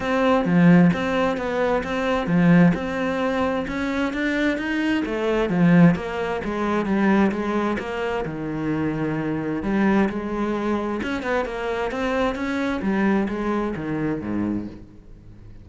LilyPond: \new Staff \with { instrumentName = "cello" } { \time 4/4 \tempo 4 = 131 c'4 f4 c'4 b4 | c'4 f4 c'2 | cis'4 d'4 dis'4 a4 | f4 ais4 gis4 g4 |
gis4 ais4 dis2~ | dis4 g4 gis2 | cis'8 b8 ais4 c'4 cis'4 | g4 gis4 dis4 gis,4 | }